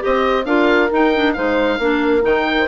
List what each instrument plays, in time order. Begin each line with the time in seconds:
0.00 clarinet G4, horn C5, oboe D#5
0.07 bassoon C4
0.46 bassoon D4, clarinet F4, horn A#4, oboe F5
0.91 clarinet D#4, bassoon D#4, oboe G5
1.16 clarinet D4
1.34 bassoon G#3, clarinet D#4, horn C5, oboe F5
1.79 bassoon A#3, clarinet D4, horn A#4
2.22 bassoon D#3, clarinet D#4, oboe G5
2.60 horn C5